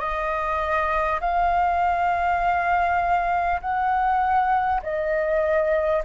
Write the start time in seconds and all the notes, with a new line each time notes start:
0.00 D#5
1.21 F5
3.61 F#5
4.83 D#5